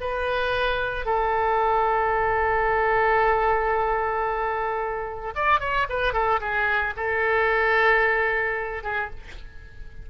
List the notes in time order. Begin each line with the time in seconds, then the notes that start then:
0.00 B4
1.05 A4
5.35 D5
5.60 C#5
5.89 B4
6.13 A4
6.40 G#4
6.96 A4
8.83 G#4